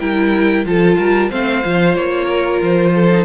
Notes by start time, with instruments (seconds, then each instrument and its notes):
0.00 cello G3, viola E4, violin A#4 G5
0.65 cello F3, viola F4, violin A4 A5
0.97 cello G3, violin A#4
1.30 cello A3, viola C4, violin C5 F5
1.63 cello F3, viola F4
1.95 cello A#3, violin C#5
2.25 violin A#4
2.62 cello F3, violin C5
2.95 violin A4
3.11 viola D#4